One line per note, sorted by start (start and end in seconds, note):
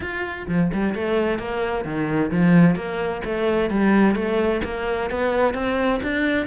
0.00 0.46 F4
0.48 0.71 F3
0.73 0.95 G3
0.95 1.38 A3
1.38 1.84 A#3
1.84 2.31 D#3
2.31 2.75 F3
2.75 3.21 A#3
3.25 3.69 A3
3.69 4.15 G3
4.15 4.61 A3
4.64 5.10 A#3
5.10 5.54 B3
5.54 6.00 C4
6.03 6.46 D4